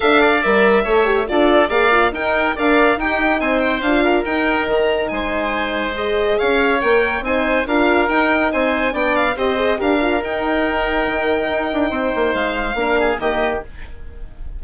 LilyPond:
<<
  \new Staff \with { instrumentName = "violin" } { \time 4/4 \tempo 4 = 141 f''4 e''2 d''4 | f''4 g''4 f''4 g''4 | gis''8 g''8 f''4 g''4 ais''4 | gis''2 dis''4 f''4 |
g''4 gis''4 f''4 g''4 | gis''4 g''8 f''8 dis''4 f''4 | g''1~ | g''4 f''2 dis''4 | }
  \new Staff \with { instrumentName = "oboe" } { \time 4/4 e''8 d''4. cis''4 a'4 | d''4 ais'4 d''4 g'4 | c''4. ais'2~ ais'8 | c''2. cis''4~ |
cis''4 c''4 ais'2 | c''4 d''4 c''4 ais'4~ | ais'1 | c''2 ais'8 gis'8 g'4 | }
  \new Staff \with { instrumentName = "horn" } { \time 4/4 a'4 ais'4 a'8 g'8 f'4 | gis'8 f'8 dis'4 ais'4 dis'4~ | dis'4 f'4 dis'2~ | dis'2 gis'2 |
ais'4 dis'4 f'4 dis'4~ | dis'4 d'4 g'8 gis'8 g'8 f'8 | dis'1~ | dis'2 d'4 ais4 | }
  \new Staff \with { instrumentName = "bassoon" } { \time 4/4 d'4 g4 a4 d'4 | ais4 dis'4 d'4 dis'4 | c'4 d'4 dis'4 dis4 | gis2. cis'4 |
ais4 c'4 d'4 dis'4 | c'4 b4 c'4 d'4 | dis'2 dis4 dis'8 d'8 | c'8 ais8 gis4 ais4 dis4 | }
>>